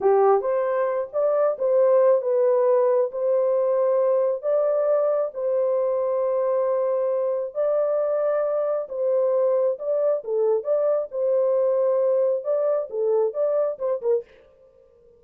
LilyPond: \new Staff \with { instrumentName = "horn" } { \time 4/4 \tempo 4 = 135 g'4 c''4. d''4 c''8~ | c''4 b'2 c''4~ | c''2 d''2 | c''1~ |
c''4 d''2. | c''2 d''4 a'4 | d''4 c''2. | d''4 a'4 d''4 c''8 ais'8 | }